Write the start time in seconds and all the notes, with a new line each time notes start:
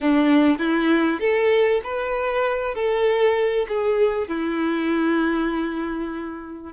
0.00 D4
0.58 E4
1.20 A4
1.83 B4
2.74 A4
3.68 G#4
4.27 E4